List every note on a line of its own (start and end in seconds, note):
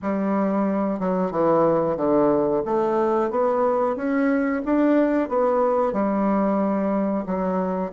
0.02 0.99 G3
0.99 1.31 F#3
1.31 1.97 E3
1.97 2.63 D3
2.65 3.30 A3
3.30 3.96 B3
3.96 4.62 C#4
4.65 5.29 D4
5.29 5.93 B3
5.93 7.24 G3
7.26 7.92 F#3